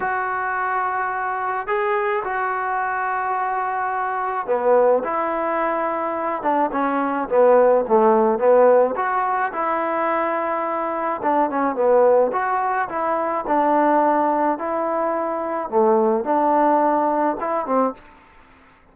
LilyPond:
\new Staff \with { instrumentName = "trombone" } { \time 4/4 \tempo 4 = 107 fis'2. gis'4 | fis'1 | b4 e'2~ e'8 d'8 | cis'4 b4 a4 b4 |
fis'4 e'2. | d'8 cis'8 b4 fis'4 e'4 | d'2 e'2 | a4 d'2 e'8 c'8 | }